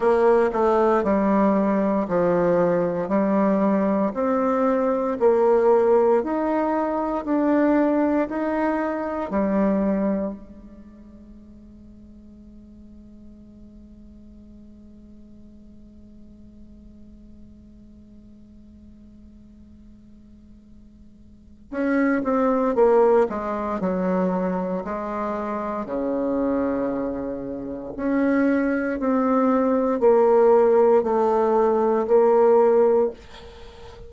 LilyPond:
\new Staff \with { instrumentName = "bassoon" } { \time 4/4 \tempo 4 = 58 ais8 a8 g4 f4 g4 | c'4 ais4 dis'4 d'4 | dis'4 g4 gis2~ | gis1~ |
gis1~ | gis4 cis'8 c'8 ais8 gis8 fis4 | gis4 cis2 cis'4 | c'4 ais4 a4 ais4 | }